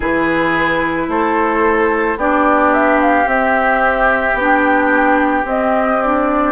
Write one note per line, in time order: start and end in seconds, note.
0.00 1.07 E3
0.00 2.18 E4
0.00 1.06 G#4
0.00 1.09 B4
1.07 2.16 A3
1.07 2.18 A4
1.07 2.18 C5
2.16 3.25 B3
2.16 3.25 D4
2.16 6.52 G4
2.16 2.73 D5
2.73 3.00 E5
3.01 3.28 F5
3.25 4.34 C4
3.25 4.33 C4
3.25 4.36 E5
4.33 5.42 B3
4.33 5.45 G5
4.40 5.44 D4
5.44 5.98 C4
5.44 6.52 C4
5.44 6.02 D#5
6.02 6.52 D4
6.02 6.52 D5